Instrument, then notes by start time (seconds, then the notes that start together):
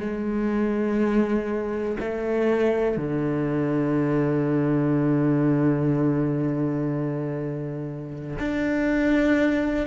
cello
0.00 G#3
1.99 A3
2.97 D3
8.39 D4